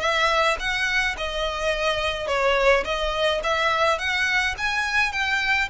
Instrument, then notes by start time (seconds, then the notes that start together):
violin
0.00 E5
0.59 F#5
1.17 D#5
2.27 C#5
2.84 D#5
3.43 E5
3.98 F#5
4.57 G#5
5.12 G5